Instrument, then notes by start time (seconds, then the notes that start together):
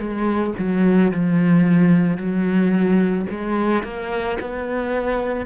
cello
0.00 G#3
0.59 F#3
1.12 F3
2.18 F#3
3.31 G#3
3.84 A#3
4.41 B3